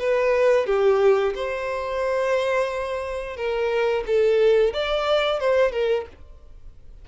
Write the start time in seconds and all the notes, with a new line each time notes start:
0.00 B4
0.66 G4
1.35 C5
3.37 A#4
4.07 A4
4.74 D5
5.40 C5
5.72 A#4